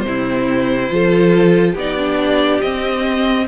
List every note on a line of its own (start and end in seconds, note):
0.00 0.90 C3
0.00 1.71 C5
0.06 0.89 C4
0.06 0.93 E4
0.89 1.75 F3
0.89 1.75 F4
0.89 1.73 A4
1.73 2.61 B3
1.73 1.97 D#4
1.73 3.44 G4
1.79 2.61 D5
1.97 2.61 D4
2.61 3.47 C4
2.61 3.47 D#5